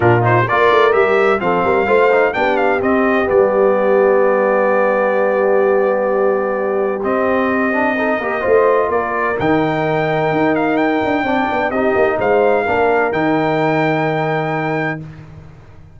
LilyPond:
<<
  \new Staff \with { instrumentName = "trumpet" } { \time 4/4 \tempo 4 = 128 ais'8 c''8 d''4 e''4 f''4~ | f''4 g''8 f''8 dis''4 d''4~ | d''1~ | d''2. dis''4~ |
dis''2. d''4 | g''2~ g''8 f''8 g''4~ | g''4 dis''4 f''2 | g''1 | }
  \new Staff \with { instrumentName = "horn" } { \time 4/4 f'4 ais'2 a'8 ais'8 | c''4 g'2.~ | g'1~ | g'1~ |
g'4 a'8 ais'8 c''4 ais'4~ | ais'1 | d''4 g'4 c''4 ais'4~ | ais'1 | }
  \new Staff \with { instrumentName = "trombone" } { \time 4/4 d'8 dis'8 f'4 g'4 c'4 | f'8 dis'8 d'4 c'4 b4~ | b1~ | b2. c'4~ |
c'8 d'8 dis'8 g'8 f'2 | dis'1 | d'4 dis'2 d'4 | dis'1 | }
  \new Staff \with { instrumentName = "tuba" } { \time 4/4 ais,4 ais8 a8 g4 f8 g8 | a4 b4 c'4 g4~ | g1~ | g2. c'4~ |
c'4. ais8 a4 ais4 | dis2 dis'4. d'8 | c'8 b8 c'8 ais8 gis4 ais4 | dis1 | }
>>